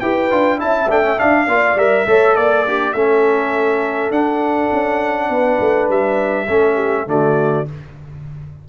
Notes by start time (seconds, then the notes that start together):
0.00 E4 G4 B4 G5
0.31 D4 F4
0.58 C#4 E4 E5 A5
0.89 A3 D4 G5
1.02 C#4
1.18 D4 F5
1.47 A#3 F4 D5
1.76 G3 A#4 E5
2.07 A3 A4 C#5
2.36 A#3 D5
2.67 D4 G4
2.93 A3 C#4 A4 E5
4.10 D4 F#5
4.72 C#4
5.29 B3 B4
5.60 A3
5.89 G3 E5
6.48 A3 C#4 A4
6.75 G4
7.07 D3 A3 F#4 D5